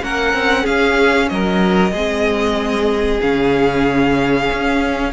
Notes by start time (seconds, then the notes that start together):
0.00 A#3 C#4 A#4 F#5
0.33 C4
0.63 C#4 G#4 F5
1.29 F#3 A#4 D#5
1.91 G#3 C4 G#4
3.21 C#3 C#4 F5
4.51 C#4